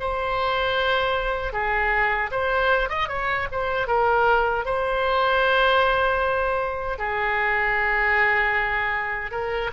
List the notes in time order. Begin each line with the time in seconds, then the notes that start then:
0.00 C5
1.53 G#4
2.32 C5
2.90 D#5
3.09 C#5
3.52 C5
3.87 A#4
4.65 C5
6.98 G#4
9.32 A#4